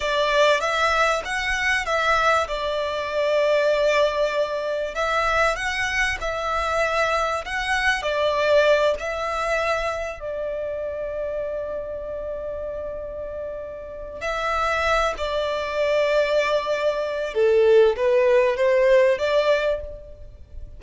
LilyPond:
\new Staff \with { instrumentName = "violin" } { \time 4/4 \tempo 4 = 97 d''4 e''4 fis''4 e''4 | d''1 | e''4 fis''4 e''2 | fis''4 d''4. e''4.~ |
e''8 d''2.~ d''8~ | d''2. e''4~ | e''8 d''2.~ d''8 | a'4 b'4 c''4 d''4 | }